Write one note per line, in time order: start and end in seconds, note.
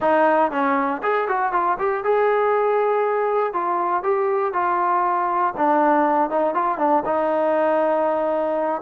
0.00 0.51 D#4
0.51 1.01 C#4
1.02 1.27 G#4
1.27 1.52 F#4
1.52 1.77 F4
1.79 2.04 G4
2.04 3.53 G#4
3.53 4.03 F4
4.03 4.53 G4
4.53 5.54 F4
5.57 6.30 D4
6.30 6.54 D#4
6.54 6.77 F4
6.77 7.03 D4
7.05 8.81 D#4